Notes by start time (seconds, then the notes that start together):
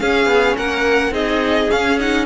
0.00 C#4 G#4 F5
0.26 B3
0.58 A#3 A#4 F#5
1.11 C4 D#4 G#4 D#5
1.70 C#4 F5
2.00 D#4 F#5